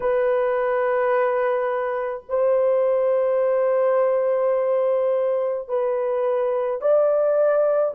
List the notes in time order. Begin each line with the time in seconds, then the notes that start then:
0.00 B4
2.28 C5
5.68 B4
6.81 D5